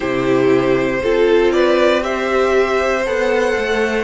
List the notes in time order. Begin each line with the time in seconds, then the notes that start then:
0.00 C3 E4 G4 C5
1.02 C4 F4 A4
1.51 B4 D5
2.01 G4 C5 E5
3.05 B3 A4 F#5
3.56 A3